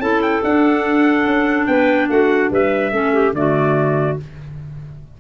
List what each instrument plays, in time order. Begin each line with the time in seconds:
0.00 tuba C#4, clarinet E4 A4, trumpet A5
0.22 trumpet G5
0.44 tuba D4, clarinet D4, trumpet F#5
1.25 tuba C#4
1.67 tuba B3, clarinet B4, trumpet G5
2.09 tuba A3, clarinet F#4, trumpet F#5
2.50 tuba G3, clarinet B4, trumpet E5
2.92 tuba A3, clarinet C#4 A4
3.13 clarinet G4
3.33 tuba D3, clarinet A3 F#4, trumpet D5